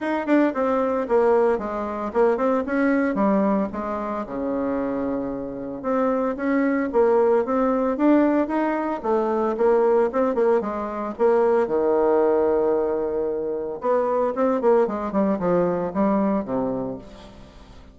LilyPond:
\new Staff \with { instrumentName = "bassoon" } { \time 4/4 \tempo 4 = 113 dis'8 d'8 c'4 ais4 gis4 | ais8 c'8 cis'4 g4 gis4 | cis2. c'4 | cis'4 ais4 c'4 d'4 |
dis'4 a4 ais4 c'8 ais8 | gis4 ais4 dis2~ | dis2 b4 c'8 ais8 | gis8 g8 f4 g4 c4 | }